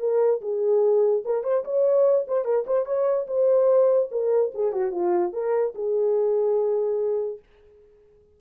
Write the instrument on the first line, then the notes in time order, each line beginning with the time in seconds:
horn
0.00 A#4
0.41 G#4
1.26 A#4
1.44 C5
1.65 C#5
2.28 C5
2.45 A#4
2.67 C5
2.86 C#5
3.28 C5
4.12 A#4
4.55 G#4
4.73 F#4
4.92 F4
5.33 A#4
5.75 G#4